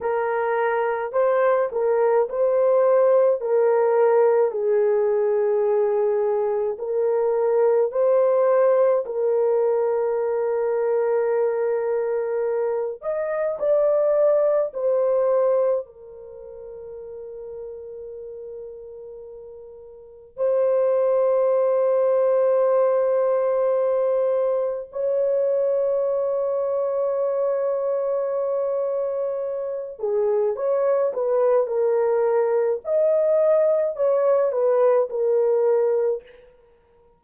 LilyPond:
\new Staff \with { instrumentName = "horn" } { \time 4/4 \tempo 4 = 53 ais'4 c''8 ais'8 c''4 ais'4 | gis'2 ais'4 c''4 | ais'2.~ ais'8 dis''8 | d''4 c''4 ais'2~ |
ais'2 c''2~ | c''2 cis''2~ | cis''2~ cis''8 gis'8 cis''8 b'8 | ais'4 dis''4 cis''8 b'8 ais'4 | }